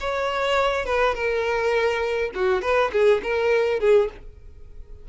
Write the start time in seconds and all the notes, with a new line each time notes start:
0.00 C#5
0.85 B4
1.14 A#4
2.34 F#4
2.62 B4
2.92 G#4
3.23 A#4
3.80 G#4